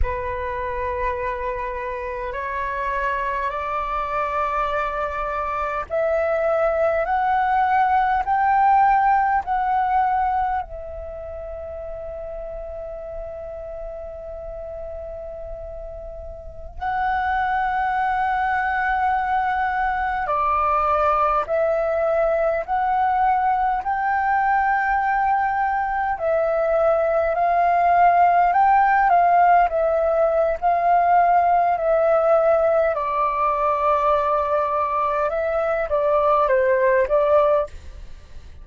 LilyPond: \new Staff \with { instrumentName = "flute" } { \time 4/4 \tempo 4 = 51 b'2 cis''4 d''4~ | d''4 e''4 fis''4 g''4 | fis''4 e''2.~ | e''2~ e''16 fis''4.~ fis''16~ |
fis''4~ fis''16 d''4 e''4 fis''8.~ | fis''16 g''2 e''4 f''8.~ | f''16 g''8 f''8 e''8. f''4 e''4 | d''2 e''8 d''8 c''8 d''8 | }